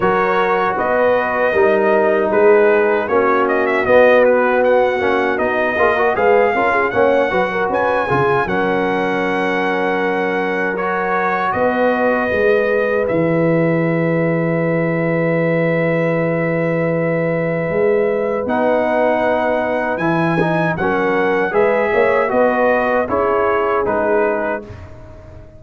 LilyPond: <<
  \new Staff \with { instrumentName = "trumpet" } { \time 4/4 \tempo 4 = 78 cis''4 dis''2 b'4 | cis''8 dis''16 e''16 dis''8 b'8 fis''4 dis''4 | f''4 fis''4 gis''4 fis''4~ | fis''2 cis''4 dis''4~ |
dis''4 e''2.~ | e''1 | fis''2 gis''4 fis''4 | e''4 dis''4 cis''4 b'4 | }
  \new Staff \with { instrumentName = "horn" } { \time 4/4 ais'4 b'4 ais'4 gis'4 | fis'2.~ fis'8 gis'16 ais'16 | b'8 ais'16 gis'16 cis''8 b'16 ais'16 b'8 gis'8 ais'4~ | ais'2. b'4~ |
b'1~ | b'1~ | b'2. ais'4 | b'8 cis''8 b'4 gis'2 | }
  \new Staff \with { instrumentName = "trombone" } { \time 4/4 fis'2 dis'2 | cis'4 b4. cis'8 dis'8 f'16 fis'16 | gis'8 f'8 cis'8 fis'4 f'8 cis'4~ | cis'2 fis'2 |
gis'1~ | gis'1 | dis'2 e'8 dis'8 cis'4 | gis'4 fis'4 e'4 dis'4 | }
  \new Staff \with { instrumentName = "tuba" } { \time 4/4 fis4 b4 g4 gis4 | ais4 b4. ais8 b8 ais8 | gis8 cis'8 ais8 fis8 cis'8 cis8 fis4~ | fis2. b4 |
gis4 e2.~ | e2. gis4 | b2 e4 fis4 | gis8 ais8 b4 cis'4 gis4 | }
>>